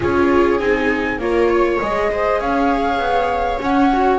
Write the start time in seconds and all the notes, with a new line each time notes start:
0.00 C#4 F4 G#4 C#5
0.59 C4 D#4 G#5
1.18 A#3 F4 A#4 C#5
1.49 C#5
1.80 G#3 G#4 D#5
2.11 C5
2.40 C#4 C#5 F5
2.98 B3
3.60 C#4 F#5
3.92 F#4